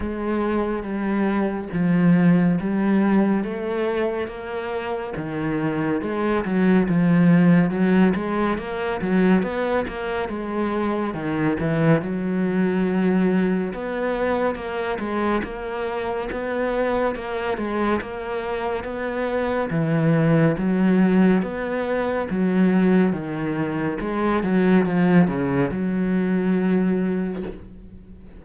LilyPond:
\new Staff \with { instrumentName = "cello" } { \time 4/4 \tempo 4 = 70 gis4 g4 f4 g4 | a4 ais4 dis4 gis8 fis8 | f4 fis8 gis8 ais8 fis8 b8 ais8 | gis4 dis8 e8 fis2 |
b4 ais8 gis8 ais4 b4 | ais8 gis8 ais4 b4 e4 | fis4 b4 fis4 dis4 | gis8 fis8 f8 cis8 fis2 | }